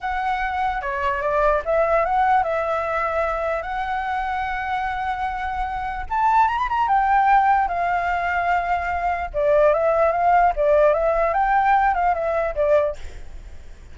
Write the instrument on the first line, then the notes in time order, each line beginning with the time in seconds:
flute
0.01 F#5
0.81 C#5
1.21 D5
1.65 E5
2.05 F#5
2.43 E5
3.62 F#5
6.09 A5
6.48 A#5
6.57 B5
6.69 A#5
6.88 G5
7.68 F5
9.33 D5
9.73 E5
10.12 F5
10.56 D5
10.93 E5
11.33 G5
11.94 F5
12.14 E5
12.55 D5